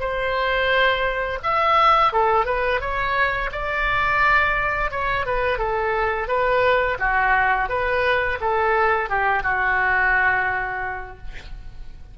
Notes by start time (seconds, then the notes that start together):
0.00 C5
1.43 E5
2.13 A4
2.46 B4
2.81 C#5
3.52 D5
4.91 C#5
5.26 B4
5.58 A4
6.28 B4
6.99 F#4
7.69 B4
8.41 A4
9.10 G4
9.43 F#4